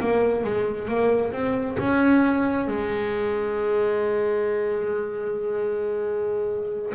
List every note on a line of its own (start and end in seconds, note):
0.00 0.44 A#3
0.44 0.89 G#3
0.89 1.33 A#3
1.33 1.77 C4
1.79 2.68 C#4
2.68 6.93 G#3